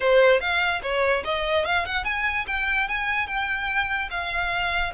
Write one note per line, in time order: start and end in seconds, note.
0.00 0.40 C5
0.40 0.81 F5
0.82 1.23 C#5
1.24 1.65 D#5
1.65 1.85 F5
1.85 2.04 F#5
2.04 2.45 G#5
2.47 2.88 G5
2.88 3.27 G#5
3.27 4.09 G5
4.10 4.92 F5